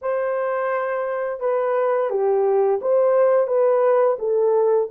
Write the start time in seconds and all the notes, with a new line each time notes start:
0.01 C5
1.40 B4
2.10 G4
2.81 C5
3.47 B4
4.19 A4